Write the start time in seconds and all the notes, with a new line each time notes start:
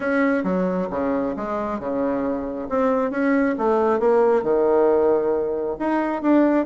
0.00 C#4
0.43 F#3
0.90 C#3
1.36 G#3
1.79 C#3
2.69 C4
3.10 C#4
3.58 A3
3.99 A#3
4.43 D#3
5.79 D#4
6.21 D4